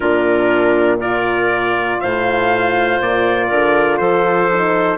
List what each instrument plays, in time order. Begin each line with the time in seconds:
0.00 bassoon A#2, horn D4, clarinet F4, trumpet A#4
0.98 horn F4, clarinet A#4, trumpet D5
2.00 bassoon A2, clarinet C5, trumpet F5
3.00 bassoon A#2, trumpet D5
3.47 bassoon D3, clarinet A#4
3.97 bassoon F3, clarinet A4, trumpet C5
4.52 horn D#4